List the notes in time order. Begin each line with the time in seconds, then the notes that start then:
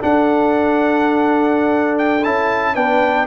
0.00 D4 A4 F#5
1.98 G5
2.24 C#4 E4 A5
2.74 B3 D4 B4 G5